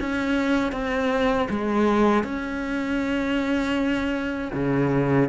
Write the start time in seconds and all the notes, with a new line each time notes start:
0.00 C#4
0.72 C4
1.50 G#3
2.24 C#4
4.54 C#3